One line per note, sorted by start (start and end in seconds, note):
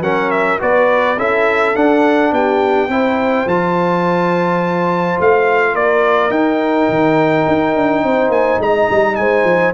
0.00 0.57 F#3
0.00 0.59 C#4
0.00 0.60 A#4
0.00 0.30 F#5
0.30 0.59 E5
0.59 1.17 B3
0.59 1.16 F#4
0.59 1.18 B4
0.59 1.19 D5
1.17 1.74 C#4
1.17 1.75 E4
1.17 2.32 A4
1.17 1.76 E5
1.75 2.89 D4
1.75 2.32 D4
1.75 2.33 F#5
2.32 2.88 B3
2.32 2.90 G4
2.32 3.48 G5
2.88 3.45 C4
2.88 3.47 E4
2.88 5.74 C5
3.46 5.17 F3
3.46 6.31 F4
3.46 5.19 A5
5.20 5.74 A3
5.20 5.75 F5
5.74 6.29 A#3
5.74 8.02 A#4
5.74 6.31 D5
6.29 6.87 D#4
6.29 9.74 D#4
6.29 8.31 G5
6.89 7.46 D#3
7.47 7.76 D#4
7.76 8.03 D4
8.03 8.29 C4
8.03 8.61 C5
8.29 8.57 A#3
8.29 8.60 G#5
8.58 8.87 G#3
8.58 9.18 D#5
8.58 9.15 A#5
8.90 9.18 G3
9.15 9.44 G#3
9.15 9.74 C5
9.15 9.72 G#5
9.44 9.72 F3